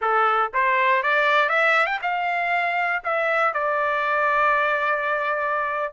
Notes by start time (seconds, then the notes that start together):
0.01 A4
0.53 C5
1.02 D5
1.49 E5
1.86 G5
2.01 F5
3.04 E5
3.53 D5